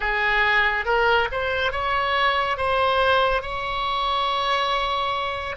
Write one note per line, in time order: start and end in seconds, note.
0.00 0.85 G#4
0.85 1.28 A#4
1.31 1.71 C5
1.71 2.57 C#5
2.57 3.41 C5
3.41 5.56 C#5